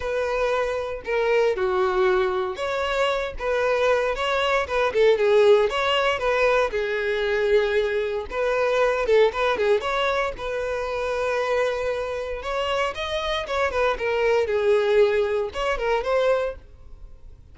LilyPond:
\new Staff \with { instrumentName = "violin" } { \time 4/4 \tempo 4 = 116 b'2 ais'4 fis'4~ | fis'4 cis''4. b'4. | cis''4 b'8 a'8 gis'4 cis''4 | b'4 gis'2. |
b'4. a'8 b'8 gis'8 cis''4 | b'1 | cis''4 dis''4 cis''8 b'8 ais'4 | gis'2 cis''8 ais'8 c''4 | }